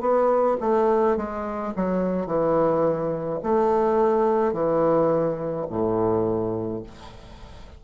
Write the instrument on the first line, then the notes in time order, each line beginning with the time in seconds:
bassoon
0.00 B3
0.60 A3
1.16 G#3
1.75 F#3
2.26 E3
3.43 A3
4.52 E3
5.70 A2